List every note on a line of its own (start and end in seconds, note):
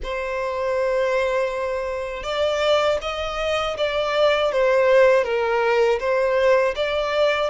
0.03 2.23 C5
2.23 2.98 D5
3.01 3.76 D#5
3.77 4.52 D5
4.52 5.24 C5
5.24 5.99 A#4
5.99 6.74 C5
6.75 7.50 D5